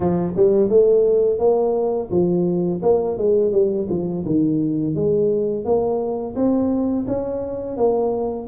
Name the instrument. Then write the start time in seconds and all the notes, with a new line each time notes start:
tuba
0.00 F3
0.36 G3
0.69 A3
1.39 A#3
2.10 F3
2.82 A#3
3.17 G#3
3.52 G3
3.89 F3
4.25 D#3
4.95 G#3
5.64 A#3
6.35 C4
7.07 C#4
7.76 A#3